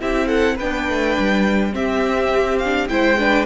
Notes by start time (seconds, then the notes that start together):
0.00 C4 E4 G4 E5
0.27 A4 F#5
0.56 B3 D4 B4 G5
0.89 A3
1.19 G3
1.72 C4 G4 E5
2.59 F5
2.65 D4
2.89 G#3 E4 C5 G5
3.18 D4 B4